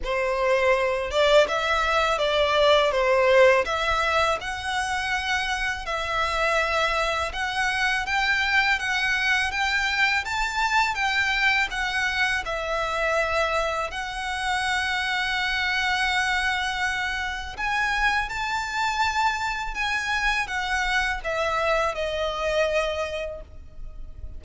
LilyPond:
\new Staff \with { instrumentName = "violin" } { \time 4/4 \tempo 4 = 82 c''4. d''8 e''4 d''4 | c''4 e''4 fis''2 | e''2 fis''4 g''4 | fis''4 g''4 a''4 g''4 |
fis''4 e''2 fis''4~ | fis''1 | gis''4 a''2 gis''4 | fis''4 e''4 dis''2 | }